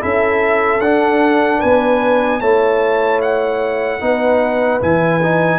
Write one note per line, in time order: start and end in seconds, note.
0.00 0.80 C#4
0.00 0.80 E4
0.00 1.59 A4
0.00 0.81 E5
0.80 1.60 D4
0.80 2.42 D4
0.80 1.61 F#5
1.59 2.41 B3
1.59 2.39 B4
1.59 2.41 G#5
2.41 4.01 A3
2.41 4.01 E4
2.41 4.00 C#5
2.41 3.21 A5
3.22 4.82 F#5
4.01 4.82 B3
4.01 4.81 D#4
4.01 5.59 B4
4.81 5.59 E3
4.81 5.21 E4
4.81 5.59 G#5
5.22 5.59 D#4